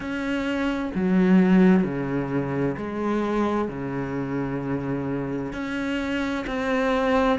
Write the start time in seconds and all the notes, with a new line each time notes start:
0.00 C#4
0.94 F#3
1.83 C#3
2.77 G#3
3.68 C#3
5.53 C#4
6.46 C4